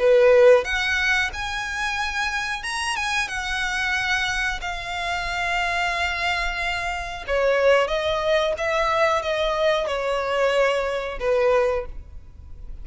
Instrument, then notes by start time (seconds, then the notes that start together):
violin
0.00 B4
0.65 F#5
1.34 G#5
2.64 A#5
2.96 G#5
3.29 F#5
4.62 F5
7.28 C#5
7.88 D#5
8.58 E5
9.22 D#5
9.88 C#5
11.20 B4